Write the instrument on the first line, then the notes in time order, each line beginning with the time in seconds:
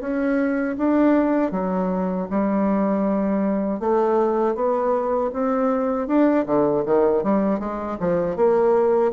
bassoon
0.00 C#4
0.78 D4
1.51 F#3
2.30 G3
3.79 A3
4.55 B3
5.33 C4
6.07 D4
6.46 D3
6.85 D#3
7.23 G3
7.59 G#3
8.00 F3
8.36 A#3